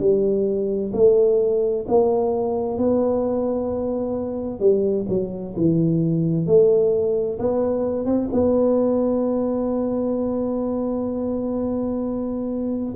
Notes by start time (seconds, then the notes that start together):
0.00 G3
0.94 A3
1.88 A#3
2.79 B3
4.60 G3
5.09 F#3
5.57 E3
6.47 A3
7.39 B3
8.06 C4
8.33 B3